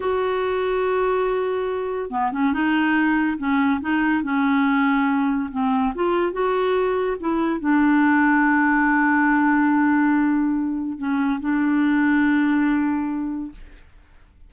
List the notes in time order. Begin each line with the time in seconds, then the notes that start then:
0.00 F#4
2.10 B3
2.32 C#4
2.53 D#4
3.38 C#4
3.80 D#4
4.23 C#4
5.51 C4
5.95 F4
6.32 F#4
7.20 E4
7.59 D4
10.97 C#4
11.40 D4